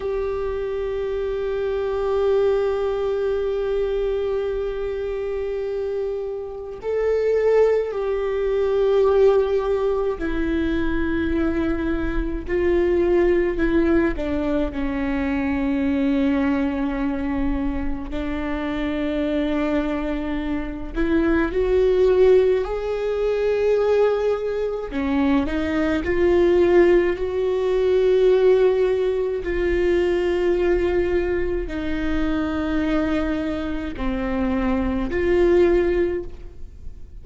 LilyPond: \new Staff \with { instrumentName = "viola" } { \time 4/4 \tempo 4 = 53 g'1~ | g'2 a'4 g'4~ | g'4 e'2 f'4 | e'8 d'8 cis'2. |
d'2~ d'8 e'8 fis'4 | gis'2 cis'8 dis'8 f'4 | fis'2 f'2 | dis'2 c'4 f'4 | }